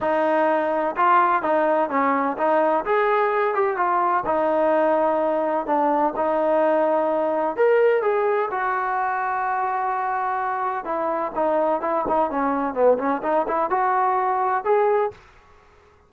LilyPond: \new Staff \with { instrumentName = "trombone" } { \time 4/4 \tempo 4 = 127 dis'2 f'4 dis'4 | cis'4 dis'4 gis'4. g'8 | f'4 dis'2. | d'4 dis'2. |
ais'4 gis'4 fis'2~ | fis'2. e'4 | dis'4 e'8 dis'8 cis'4 b8 cis'8 | dis'8 e'8 fis'2 gis'4 | }